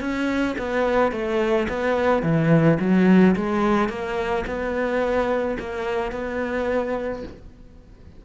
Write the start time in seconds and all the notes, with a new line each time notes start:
0.00 C#4
0.58 B3
1.12 A3
1.68 B3
2.22 E3
2.80 F#3
3.36 G#3
3.89 A#3
4.46 B3
5.59 A#3
6.12 B3